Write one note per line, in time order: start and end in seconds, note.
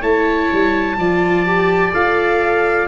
0.00 0.50 A3
0.00 0.97 E4
0.00 0.95 C#5
0.00 1.93 A5
0.52 0.97 G3
0.97 1.92 F3
0.97 1.46 F4
0.97 2.87 D5
1.46 1.92 G4
1.92 2.87 F4
1.92 2.87 A4
1.92 2.87 F5